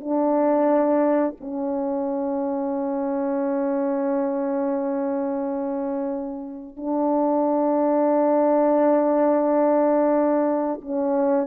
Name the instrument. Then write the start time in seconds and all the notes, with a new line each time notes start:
horn
0.00 D4
1.40 C#4
6.76 D4
10.81 C#4